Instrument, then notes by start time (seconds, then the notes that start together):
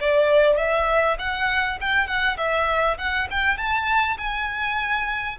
violin
0.00 D5
0.57 E5
1.19 F#5
1.81 G5
2.07 F#5
2.38 E5
2.98 F#5
3.31 G5
3.57 A5
4.18 G#5